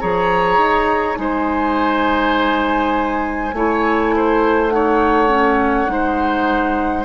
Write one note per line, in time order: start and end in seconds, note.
0.00 0.57 F3
0.00 1.15 G#4
0.00 1.18 C#5
0.00 1.16 A#5
0.57 1.16 D#4
1.15 3.52 G#3
1.15 3.51 D#4
1.15 3.55 C5
1.15 4.69 G#5
3.52 5.88 A3
3.52 4.70 E4
3.52 4.14 C#5
4.16 4.74 C5
4.69 5.28 D#4
4.69 5.91 C#5
4.69 7.04 F#5
5.28 5.87 C#4
5.87 7.05 G#3
5.87 7.04 D#4
5.87 7.05 C5